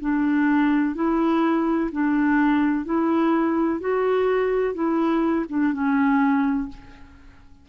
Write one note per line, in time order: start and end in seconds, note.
0.00 0.95 D4
0.95 1.90 E4
1.91 2.85 D4
2.85 3.80 E4
3.80 4.74 F#4
4.74 5.45 E4
5.49 5.73 D4
5.73 6.68 C#4